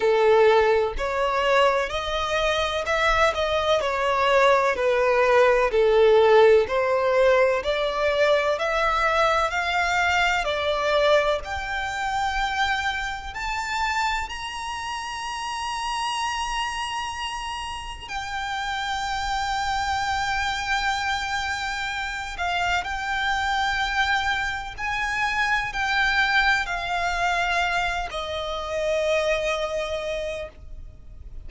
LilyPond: \new Staff \with { instrumentName = "violin" } { \time 4/4 \tempo 4 = 63 a'4 cis''4 dis''4 e''8 dis''8 | cis''4 b'4 a'4 c''4 | d''4 e''4 f''4 d''4 | g''2 a''4 ais''4~ |
ais''2. g''4~ | g''2.~ g''8 f''8 | g''2 gis''4 g''4 | f''4. dis''2~ dis''8 | }